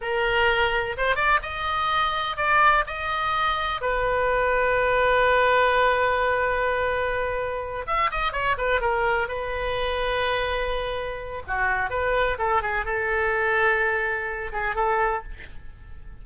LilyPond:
\new Staff \with { instrumentName = "oboe" } { \time 4/4 \tempo 4 = 126 ais'2 c''8 d''8 dis''4~ | dis''4 d''4 dis''2 | b'1~ | b'1~ |
b'8 e''8 dis''8 cis''8 b'8 ais'4 b'8~ | b'1 | fis'4 b'4 a'8 gis'8 a'4~ | a'2~ a'8 gis'8 a'4 | }